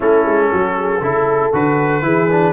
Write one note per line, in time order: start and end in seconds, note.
0.00 0.25 A3
0.00 1.01 C#4
0.00 0.48 E4
0.00 1.53 A4
0.25 0.51 G#3
0.52 1.00 F#3
0.52 0.77 F#4
0.78 1.03 G#4
1.00 1.51 C#3
1.00 1.52 E4
1.00 2.04 A4
1.52 2.02 D3
1.52 2.02 F#4
1.52 2.52 B4
2.02 2.52 E3
2.02 2.27 E4
2.02 2.52 G#4
2.30 2.52 D4